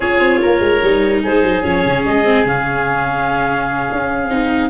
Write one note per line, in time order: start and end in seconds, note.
0.00 0.19 C#4
0.00 0.82 F4
0.00 0.39 G#4
0.00 1.21 C#5
0.20 0.40 C4
0.41 0.60 A#3
0.41 1.23 A#4
0.60 0.80 G#3
0.82 1.23 G3
0.82 1.63 D#4
1.23 1.43 G#3
1.23 4.69 G#4
1.23 1.62 C5
1.43 1.63 F#3
1.62 1.84 F3
1.62 2.24 C#4
1.62 2.03 C#5
1.85 2.05 C#3
2.05 2.45 G#3
2.05 2.46 D#5
2.24 2.44 C4
2.44 3.88 C#3
2.44 4.28 C#4
2.44 4.69 F5
3.91 4.29 C#4
4.29 4.69 C4
4.29 4.69 D#4